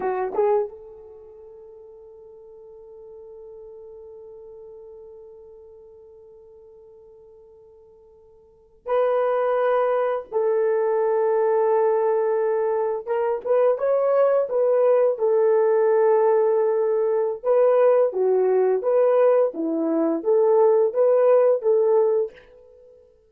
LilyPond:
\new Staff \with { instrumentName = "horn" } { \time 4/4 \tempo 4 = 86 fis'8 gis'8 a'2.~ | a'1~ | a'1~ | a'8. b'2 a'4~ a'16~ |
a'2~ a'8. ais'8 b'8 cis''16~ | cis''8. b'4 a'2~ a'16~ | a'4 b'4 fis'4 b'4 | e'4 a'4 b'4 a'4 | }